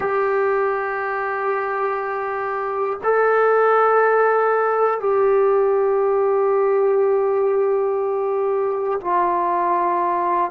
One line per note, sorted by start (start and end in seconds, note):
0.00 2.99 G4
3.03 5.00 A4
5.00 9.00 G4
9.00 10.50 F4